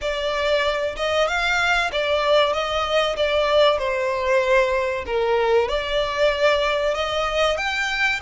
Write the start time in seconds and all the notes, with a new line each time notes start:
0.01 D5
0.96 D#5
1.27 F5
1.91 D5
2.53 D#5
3.16 D5
3.78 C5
5.06 A#4
5.68 D5
6.94 D#5
7.57 G5